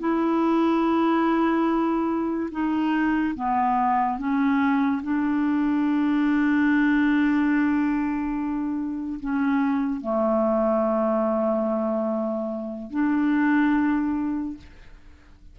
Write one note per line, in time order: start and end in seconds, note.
0.00 2.50 E4
2.52 3.35 D#4
3.36 4.19 B3
4.19 5.02 C#4
5.03 9.20 D4
9.20 10.01 C#4
10.01 12.91 A3
12.91 14.58 D4